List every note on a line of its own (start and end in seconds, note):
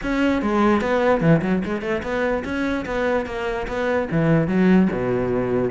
0.02 0.42 C#4
0.42 0.81 G#3
0.81 1.21 B3
1.21 1.41 E3
1.42 1.62 F#3
1.64 1.81 G#3
1.81 2.02 A3
2.02 2.43 B3
2.44 2.85 C#4
2.85 3.26 B3
3.26 3.67 A#3
3.67 4.08 B3
4.11 4.47 E3
4.47 4.88 F#3
4.91 5.70 B2